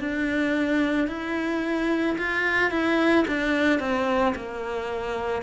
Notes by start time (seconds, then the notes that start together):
0.00 D4
1.08 E4
2.18 F4
2.71 E4
3.27 D4
3.79 C4
4.35 A#3